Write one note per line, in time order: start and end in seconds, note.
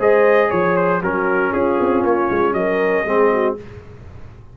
0.00 0.51 G#3
0.00 1.02 G#4
0.00 0.49 C5
0.00 0.51 D#5
0.49 1.02 F3
0.49 0.99 C#5
0.49 0.76 C#5
0.77 1.02 C5
1.02 1.53 F#3
1.02 3.07 C#4
1.02 1.53 F#4
1.02 1.53 A#4
1.53 1.79 C#4
1.53 2.55 F4
1.53 2.04 G#4
1.80 2.04 C4
2.04 2.29 A#3
2.04 2.54 C#5
2.31 2.54 G#3
2.54 3.04 F#3
2.54 3.06 A#4
2.54 3.56 D#5
3.05 3.56 G#3
3.05 3.58 C4
3.05 3.31 G#4
3.32 3.58 F#4